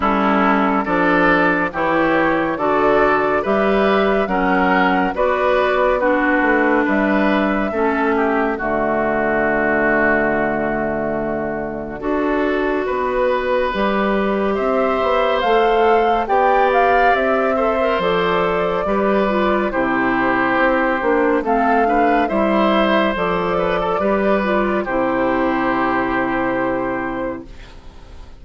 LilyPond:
<<
  \new Staff \with { instrumentName = "flute" } { \time 4/4 \tempo 4 = 70 a'4 d''4 cis''4 d''4 | e''4 fis''4 d''4 b'4 | e''2 d''2~ | d''1~ |
d''4 e''4 f''4 g''8 f''8 | e''4 d''2 c''4~ | c''4 f''4 e''4 d''4~ | d''4 c''2. | }
  \new Staff \with { instrumentName = "oboe" } { \time 4/4 e'4 a'4 g'4 a'4 | b'4 ais'4 b'4 fis'4 | b'4 a'8 g'8 fis'2~ | fis'2 a'4 b'4~ |
b'4 c''2 d''4~ | d''8 c''4. b'4 g'4~ | g'4 a'8 b'8 c''4. b'16 a'16 | b'4 g'2. | }
  \new Staff \with { instrumentName = "clarinet" } { \time 4/4 cis'4 d'4 e'4 fis'4 | g'4 cis'4 fis'4 d'4~ | d'4 cis'4 a2~ | a2 fis'2 |
g'2 a'4 g'4~ | g'8 a'16 ais'16 a'4 g'8 f'8 e'4~ | e'8 d'8 c'8 d'8 e'4 a'4 | g'8 f'8 e'2. | }
  \new Staff \with { instrumentName = "bassoon" } { \time 4/4 g4 f4 e4 d4 | g4 fis4 b4. a8 | g4 a4 d2~ | d2 d'4 b4 |
g4 c'8 b8 a4 b4 | c'4 f4 g4 c4 | c'8 ais8 a4 g4 f4 | g4 c2. | }
>>